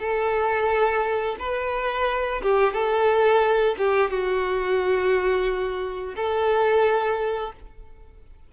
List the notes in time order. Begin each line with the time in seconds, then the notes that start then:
0.00 A4
1.39 B4
2.42 G4
2.73 A4
3.78 G4
4.11 F#4
6.16 A4